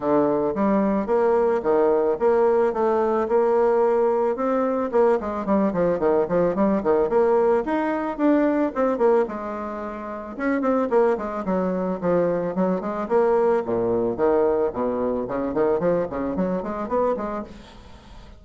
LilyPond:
\new Staff \with { instrumentName = "bassoon" } { \time 4/4 \tempo 4 = 110 d4 g4 ais4 dis4 | ais4 a4 ais2 | c'4 ais8 gis8 g8 f8 dis8 f8 | g8 dis8 ais4 dis'4 d'4 |
c'8 ais8 gis2 cis'8 c'8 | ais8 gis8 fis4 f4 fis8 gis8 | ais4 ais,4 dis4 b,4 | cis8 dis8 f8 cis8 fis8 gis8 b8 gis8 | }